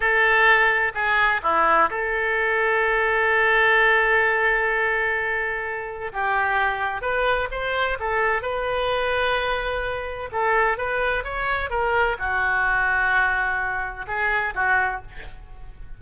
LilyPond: \new Staff \with { instrumentName = "oboe" } { \time 4/4 \tempo 4 = 128 a'2 gis'4 e'4 | a'1~ | a'1~ | a'4 g'2 b'4 |
c''4 a'4 b'2~ | b'2 a'4 b'4 | cis''4 ais'4 fis'2~ | fis'2 gis'4 fis'4 | }